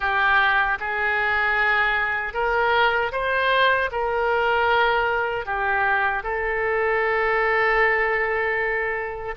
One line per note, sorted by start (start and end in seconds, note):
0.00 0.78 G4
0.79 2.33 G#4
2.33 3.11 A#4
3.12 3.90 C5
3.91 5.45 A#4
5.45 6.23 G4
6.23 9.34 A4